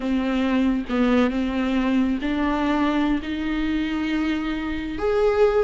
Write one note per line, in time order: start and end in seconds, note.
0.00 0.85 C4
0.89 1.30 B3
1.30 2.18 C4
2.21 3.21 D4
3.22 4.98 D#4
4.98 5.64 G#4